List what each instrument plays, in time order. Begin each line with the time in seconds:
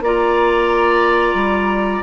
0.00 bassoon A#3, clarinet F4, oboe D5, flute A#5
1.34 bassoon G3